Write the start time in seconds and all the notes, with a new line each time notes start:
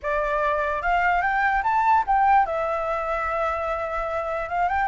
0.02 D5
0.82 F5
1.21 G5
1.63 A5
2.06 G5
2.46 E5
4.48 F5
4.68 G5